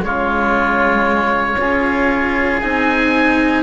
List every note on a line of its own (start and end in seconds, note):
0.00 1.56 C#3
0.00 1.55 G#3
0.00 1.60 F4
0.00 2.60 C#5
1.56 2.60 C#4
1.56 2.62 F4
1.56 3.63 G#4
2.60 3.63 C4
2.60 3.63 D#4
2.60 3.63 G#5